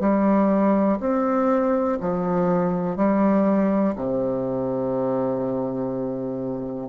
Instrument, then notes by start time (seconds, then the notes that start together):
bassoon
0.00 G3
1.00 C4
2.01 F3
2.97 G3
3.96 C3